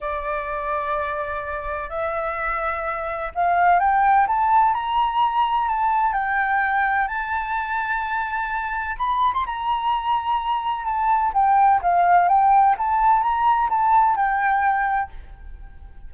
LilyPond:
\new Staff \with { instrumentName = "flute" } { \time 4/4 \tempo 4 = 127 d''1 | e''2. f''4 | g''4 a''4 ais''2 | a''4 g''2 a''4~ |
a''2. b''8. c'''16 | ais''2. a''4 | g''4 f''4 g''4 a''4 | ais''4 a''4 g''2 | }